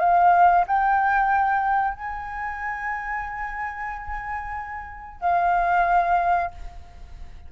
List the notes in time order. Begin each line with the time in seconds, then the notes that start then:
0.00 F5
0.68 G5
1.95 G#5
5.21 F5